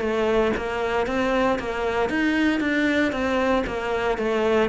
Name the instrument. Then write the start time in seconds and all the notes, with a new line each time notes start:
cello
0.00 A3
0.56 A#3
1.07 C4
1.59 A#3
2.09 D#4
2.60 D4
3.12 C4
3.67 A#3
4.18 A3